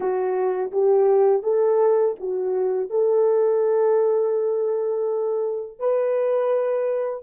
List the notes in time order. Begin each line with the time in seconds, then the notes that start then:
0.00 F#4
0.71 G4
1.43 A4
2.19 F#4
2.89 A4
5.79 B4